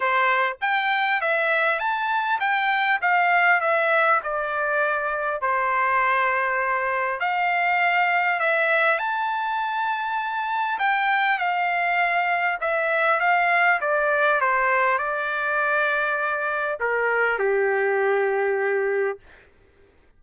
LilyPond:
\new Staff \with { instrumentName = "trumpet" } { \time 4/4 \tempo 4 = 100 c''4 g''4 e''4 a''4 | g''4 f''4 e''4 d''4~ | d''4 c''2. | f''2 e''4 a''4~ |
a''2 g''4 f''4~ | f''4 e''4 f''4 d''4 | c''4 d''2. | ais'4 g'2. | }